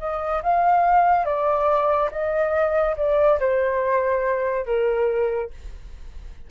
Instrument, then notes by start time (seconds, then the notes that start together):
flute
0.00 D#5
0.43 F5
1.26 D5
2.11 D#5
2.97 D5
3.40 C5
4.66 A#4